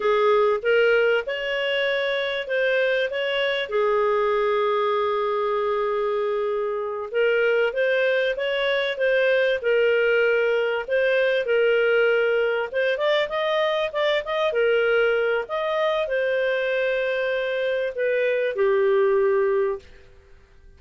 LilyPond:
\new Staff \with { instrumentName = "clarinet" } { \time 4/4 \tempo 4 = 97 gis'4 ais'4 cis''2 | c''4 cis''4 gis'2~ | gis'2.~ gis'8 ais'8~ | ais'8 c''4 cis''4 c''4 ais'8~ |
ais'4. c''4 ais'4.~ | ais'8 c''8 d''8 dis''4 d''8 dis''8 ais'8~ | ais'4 dis''4 c''2~ | c''4 b'4 g'2 | }